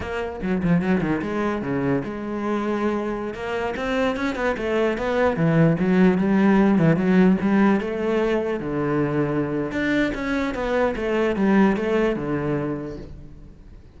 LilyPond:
\new Staff \with { instrumentName = "cello" } { \time 4/4 \tempo 4 = 148 ais4 fis8 f8 fis8 dis8 gis4 | cis4 gis2.~ | gis16 ais4 c'4 cis'8 b8 a8.~ | a16 b4 e4 fis4 g8.~ |
g8. e8 fis4 g4 a8.~ | a4~ a16 d2~ d8. | d'4 cis'4 b4 a4 | g4 a4 d2 | }